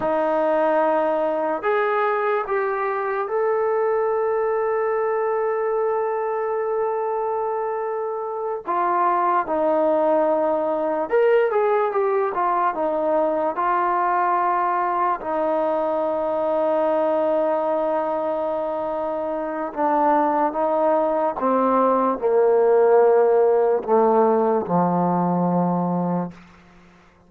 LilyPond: \new Staff \with { instrumentName = "trombone" } { \time 4/4 \tempo 4 = 73 dis'2 gis'4 g'4 | a'1~ | a'2~ a'8 f'4 dis'8~ | dis'4. ais'8 gis'8 g'8 f'8 dis'8~ |
dis'8 f'2 dis'4.~ | dis'1 | d'4 dis'4 c'4 ais4~ | ais4 a4 f2 | }